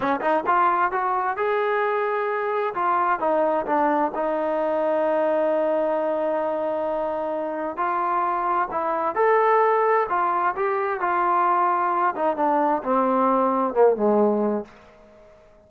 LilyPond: \new Staff \with { instrumentName = "trombone" } { \time 4/4 \tempo 4 = 131 cis'8 dis'8 f'4 fis'4 gis'4~ | gis'2 f'4 dis'4 | d'4 dis'2.~ | dis'1~ |
dis'4 f'2 e'4 | a'2 f'4 g'4 | f'2~ f'8 dis'8 d'4 | c'2 ais8 gis4. | }